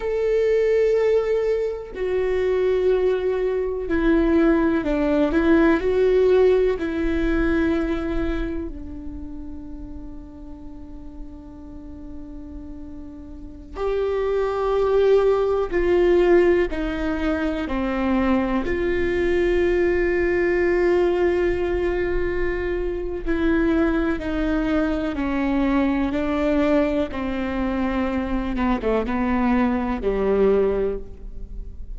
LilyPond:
\new Staff \with { instrumentName = "viola" } { \time 4/4 \tempo 4 = 62 a'2 fis'2 | e'4 d'8 e'8 fis'4 e'4~ | e'4 d'2.~ | d'2~ d'16 g'4.~ g'16~ |
g'16 f'4 dis'4 c'4 f'8.~ | f'1 | e'4 dis'4 cis'4 d'4 | c'4. b16 a16 b4 g4 | }